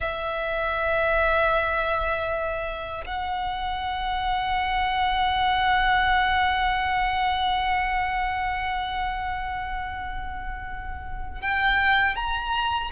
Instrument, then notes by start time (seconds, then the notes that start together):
violin
0.00 E5
3.06 F#5
11.41 G5
12.15 A#5